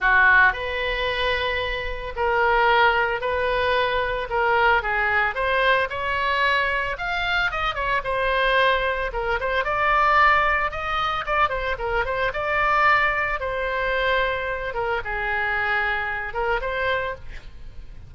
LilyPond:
\new Staff \with { instrumentName = "oboe" } { \time 4/4 \tempo 4 = 112 fis'4 b'2. | ais'2 b'2 | ais'4 gis'4 c''4 cis''4~ | cis''4 f''4 dis''8 cis''8 c''4~ |
c''4 ais'8 c''8 d''2 | dis''4 d''8 c''8 ais'8 c''8 d''4~ | d''4 c''2~ c''8 ais'8 | gis'2~ gis'8 ais'8 c''4 | }